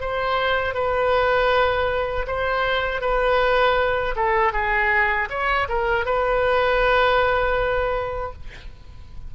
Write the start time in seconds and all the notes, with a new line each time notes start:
0.00 C5
0.74 B4
2.27 C5
3.01 B4
4.15 A4
4.52 G#4
5.30 C#5
5.68 A#4
6.05 B4